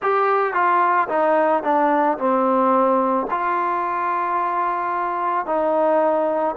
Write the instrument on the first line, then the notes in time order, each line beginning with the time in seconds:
trombone
0.01 G4
0.53 F4
1.09 D#4
1.63 D4
2.18 C4
3.30 F4
5.45 D#4